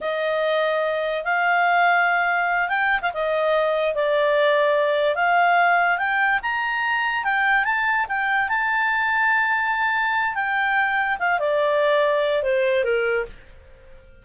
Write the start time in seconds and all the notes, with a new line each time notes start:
0.00 D#5
1.24 F5
2.69 G5
3.01 F5
3.13 D#5
3.94 D5
5.15 F5
5.98 G5
6.42 A#5
7.24 G5
7.64 A5
8.08 G5
8.48 A5
10.34 G5
11.19 F5
11.39 D5
12.42 C5
12.84 A#4